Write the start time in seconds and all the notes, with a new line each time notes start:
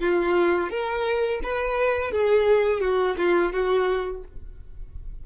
0.00 F4
0.70 A#4
1.43 B4
2.12 G#4
2.81 F#4
3.18 F4
3.53 F#4